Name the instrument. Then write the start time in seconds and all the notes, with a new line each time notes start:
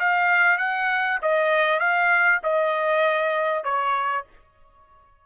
trumpet
0.00 F5
0.59 F#5
1.23 D#5
1.80 F5
2.44 D#5
3.64 C#5